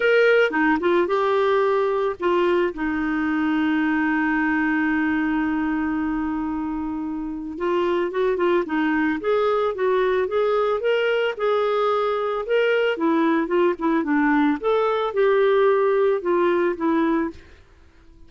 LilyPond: \new Staff \with { instrumentName = "clarinet" } { \time 4/4 \tempo 4 = 111 ais'4 dis'8 f'8 g'2 | f'4 dis'2.~ | dis'1~ | dis'2 f'4 fis'8 f'8 |
dis'4 gis'4 fis'4 gis'4 | ais'4 gis'2 ais'4 | e'4 f'8 e'8 d'4 a'4 | g'2 f'4 e'4 | }